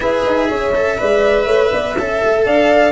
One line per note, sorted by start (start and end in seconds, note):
0.00 0.23 E4
0.00 0.73 G#4
0.00 0.48 B4
0.00 2.44 E5
0.26 0.50 D#4
0.48 0.99 C#4
0.48 0.98 C#5
0.74 0.97 A4
0.97 1.46 G#3
0.97 1.96 B4
0.97 1.45 D5
1.45 1.71 A3
1.45 1.70 C#5
1.71 1.97 B3
1.71 1.96 D5
1.97 2.22 C#4
1.97 2.92 A4
1.97 2.45 E5
2.24 2.46 A3
2.45 2.92 D4
2.45 2.92 D5
2.45 2.92 F5